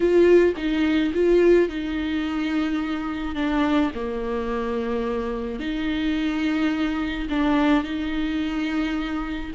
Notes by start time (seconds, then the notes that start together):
0.00 F4
0.56 D#4
1.13 F4
1.68 D#4
3.35 D4
3.95 A#3
5.59 D#4
7.29 D4
7.83 D#4